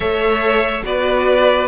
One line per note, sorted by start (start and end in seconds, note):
0.00 0.82 A3
0.00 0.83 A4
0.00 0.83 C#5
0.00 0.83 E5
0.83 1.67 B3
0.83 1.67 F#4
0.83 1.67 B4
0.83 1.67 D5